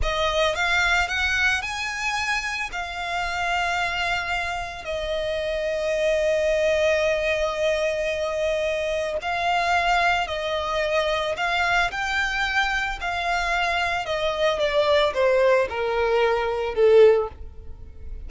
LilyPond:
\new Staff \with { instrumentName = "violin" } { \time 4/4 \tempo 4 = 111 dis''4 f''4 fis''4 gis''4~ | gis''4 f''2.~ | f''4 dis''2.~ | dis''1~ |
dis''4 f''2 dis''4~ | dis''4 f''4 g''2 | f''2 dis''4 d''4 | c''4 ais'2 a'4 | }